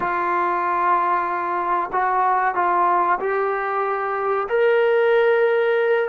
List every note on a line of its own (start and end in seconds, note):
0.00 1.90 F4
1.92 2.54 F#4
2.54 3.18 F4
3.20 4.47 G4
4.49 6.08 A#4